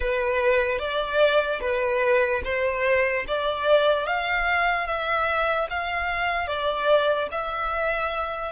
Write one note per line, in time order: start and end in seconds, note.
0.00 0.79 B4
0.79 1.60 D5
1.60 2.41 B4
2.44 3.25 C5
3.27 4.07 D5
4.07 4.86 F5
4.86 5.67 E5
5.70 6.46 F5
6.46 7.28 D5
7.31 8.52 E5